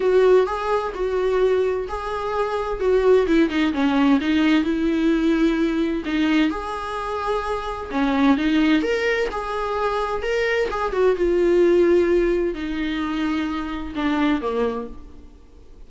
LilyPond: \new Staff \with { instrumentName = "viola" } { \time 4/4 \tempo 4 = 129 fis'4 gis'4 fis'2 | gis'2 fis'4 e'8 dis'8 | cis'4 dis'4 e'2~ | e'4 dis'4 gis'2~ |
gis'4 cis'4 dis'4 ais'4 | gis'2 ais'4 gis'8 fis'8 | f'2. dis'4~ | dis'2 d'4 ais4 | }